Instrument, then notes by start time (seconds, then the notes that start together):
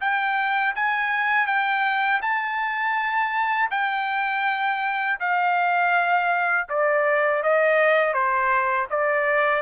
trumpet
0.00 G5
0.75 G#5
1.46 G5
2.22 A5
3.70 G5
5.19 F5
6.69 D5
7.43 D#5
8.13 C5
8.90 D5